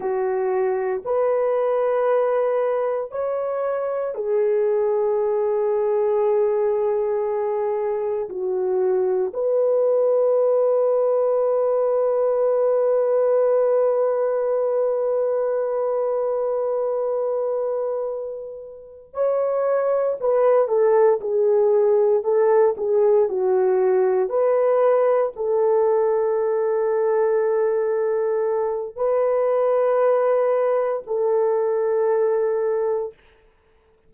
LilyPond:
\new Staff \with { instrumentName = "horn" } { \time 4/4 \tempo 4 = 58 fis'4 b'2 cis''4 | gis'1 | fis'4 b'2.~ | b'1~ |
b'2~ b'8 cis''4 b'8 | a'8 gis'4 a'8 gis'8 fis'4 b'8~ | b'8 a'2.~ a'8 | b'2 a'2 | }